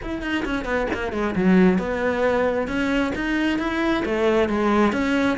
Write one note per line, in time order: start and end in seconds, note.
0.02 0.22 E4
0.22 0.44 D#4
0.45 0.65 C#4
0.65 0.87 B3
0.93 1.12 A#3
1.12 1.35 G#3
1.35 1.78 F#3
1.78 2.67 B3
2.67 3.12 C#4
3.15 3.58 D#4
3.58 4.03 E4
4.05 4.48 A3
4.48 4.92 G#3
4.92 5.37 C#4